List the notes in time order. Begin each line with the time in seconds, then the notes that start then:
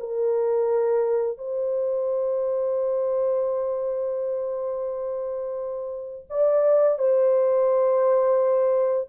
0.00 A#4
1.38 C5
6.30 D5
6.99 C5